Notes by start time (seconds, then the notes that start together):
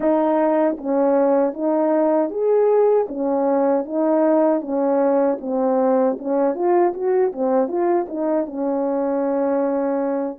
0.00 D#4
0.77 C#4
1.53 D#4
2.29 G#4
3.08 C#4
3.85 D#4
4.61 C#4
5.40 C4
6.19 C#4
6.54 F4
6.93 F#4
7.32 C4
7.67 F4
8.08 D#4
8.46 C#4